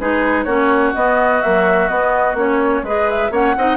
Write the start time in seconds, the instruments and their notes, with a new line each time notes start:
0.00 bassoon G#3, clarinet D#4, oboe G#4, flute B4
0.44 bassoon A#3, clarinet C#4, oboe F#4, flute C#5
0.94 clarinet B3, bassoon B3, flute D#5
1.41 clarinet F#3, bassoon A#3, flute E5
1.88 clarinet B3, bassoon B3, flute D#5
2.34 bassoon A#3, clarinet C#4, flute C#5
2.83 bassoon G#3, clarinet G#4, oboe B4, flute D#5
3.09 flute E5
3.31 bassoon A#3, clarinet C#4, oboe C#5, flute F#5
3.57 bassoon C4, clarinet D#4, oboe D#5